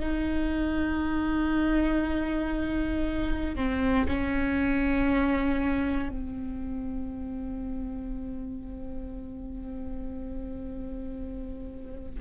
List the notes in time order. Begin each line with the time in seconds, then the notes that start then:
0.00 D#4
3.56 C4
4.08 C#4
6.09 C4